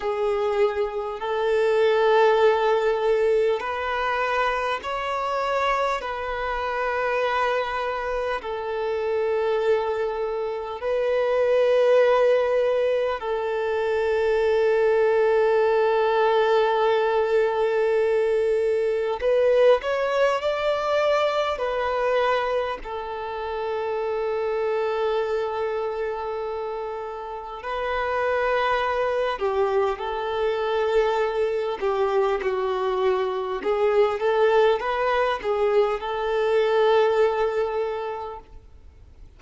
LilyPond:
\new Staff \with { instrumentName = "violin" } { \time 4/4 \tempo 4 = 50 gis'4 a'2 b'4 | cis''4 b'2 a'4~ | a'4 b'2 a'4~ | a'1 |
b'8 cis''8 d''4 b'4 a'4~ | a'2. b'4~ | b'8 g'8 a'4. g'8 fis'4 | gis'8 a'8 b'8 gis'8 a'2 | }